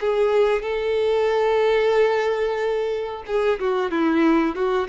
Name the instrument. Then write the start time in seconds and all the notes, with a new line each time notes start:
violin
0.00 G#4
0.62 A4
3.27 G#4
3.60 F#4
3.91 E4
4.55 F#4